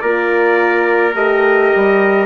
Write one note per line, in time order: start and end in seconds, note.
0.00 1.14 A#3
0.00 1.14 F4
0.00 2.25 A#4
0.00 1.13 D5
1.14 1.71 A3
1.14 2.25 G4
1.14 2.25 D#5
1.75 2.25 G3